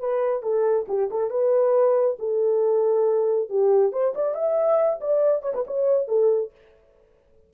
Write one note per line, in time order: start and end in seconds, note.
0.00 0.43 B4
0.43 0.86 A4
0.88 1.10 G4
1.10 1.30 A4
1.30 2.17 B4
2.19 3.50 A4
3.50 3.92 G4
3.92 4.14 C5
4.15 4.35 D5
4.35 5.00 E5
5.01 5.42 D5
5.42 5.53 C#5
5.54 5.65 B4
5.67 6.08 C#5
6.08 6.51 A4